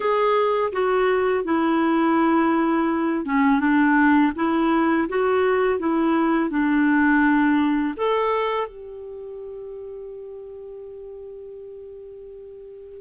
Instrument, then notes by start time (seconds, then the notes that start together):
clarinet
0.00 G#4
0.72 F#4
1.44 E4
3.25 C#4
3.60 D4
4.35 E4
5.08 F#4
5.79 E4
6.50 D4
7.96 A4
8.67 G4